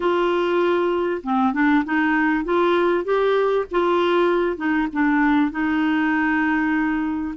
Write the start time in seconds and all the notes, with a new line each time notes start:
0.00 F4
1.23 C4
1.53 D4
1.84 D#4
2.44 F4
3.04 G4
3.71 F4
4.56 D#4
4.92 D4
5.51 D#4